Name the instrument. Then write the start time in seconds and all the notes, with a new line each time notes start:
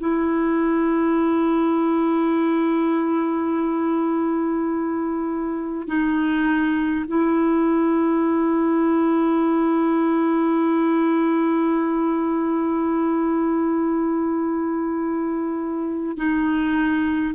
clarinet
0.00 E4
5.88 D#4
7.07 E4
16.18 D#4